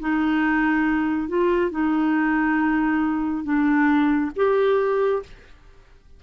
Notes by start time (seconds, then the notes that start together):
0.00 D#4
1.28 F4
1.71 D#4
3.44 D4
4.36 G4